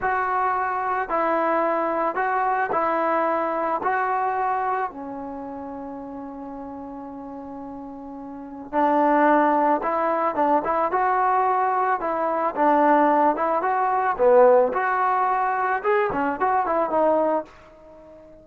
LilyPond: \new Staff \with { instrumentName = "trombone" } { \time 4/4 \tempo 4 = 110 fis'2 e'2 | fis'4 e'2 fis'4~ | fis'4 cis'2.~ | cis'1 |
d'2 e'4 d'8 e'8 | fis'2 e'4 d'4~ | d'8 e'8 fis'4 b4 fis'4~ | fis'4 gis'8 cis'8 fis'8 e'8 dis'4 | }